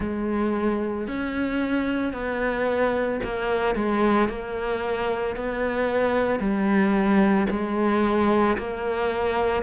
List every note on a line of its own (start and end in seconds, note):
0.00 1.07 G#3
1.07 2.13 C#4
2.13 3.20 B3
3.23 3.75 A#3
3.75 4.29 G#3
4.29 5.36 A#3
5.36 6.39 B3
6.39 7.47 G3
7.50 8.57 G#3
8.57 9.62 A#3